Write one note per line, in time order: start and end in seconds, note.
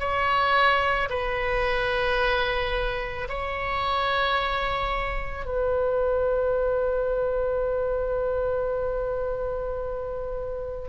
0.00 1.09 C#5
1.10 3.28 B4
3.29 5.45 C#5
5.45 10.89 B4